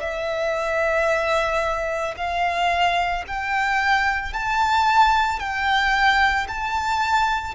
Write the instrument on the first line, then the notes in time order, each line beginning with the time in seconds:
violin
0.00 E5
2.17 F5
3.27 G5
4.33 A5
5.40 G5
6.48 A5